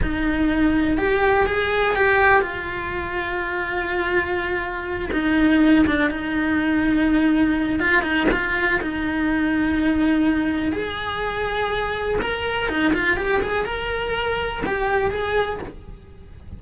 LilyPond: \new Staff \with { instrumentName = "cello" } { \time 4/4 \tempo 4 = 123 dis'2 g'4 gis'4 | g'4 f'2.~ | f'2~ f'8 dis'4. | d'8 dis'2.~ dis'8 |
f'8 dis'8 f'4 dis'2~ | dis'2 gis'2~ | gis'4 ais'4 dis'8 f'8 g'8 gis'8 | ais'2 g'4 gis'4 | }